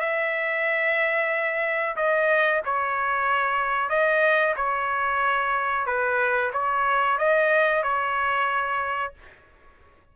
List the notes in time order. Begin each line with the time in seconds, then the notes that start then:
0.00 E5
1.96 D#5
2.65 C#5
3.90 D#5
4.57 C#5
5.86 B4
6.53 C#5
7.19 D#5
7.83 C#5